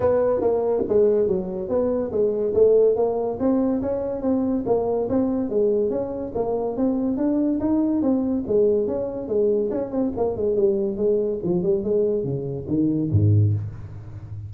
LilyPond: \new Staff \with { instrumentName = "tuba" } { \time 4/4 \tempo 4 = 142 b4 ais4 gis4 fis4 | b4 gis4 a4 ais4 | c'4 cis'4 c'4 ais4 | c'4 gis4 cis'4 ais4 |
c'4 d'4 dis'4 c'4 | gis4 cis'4 gis4 cis'8 c'8 | ais8 gis8 g4 gis4 f8 g8 | gis4 cis4 dis4 gis,4 | }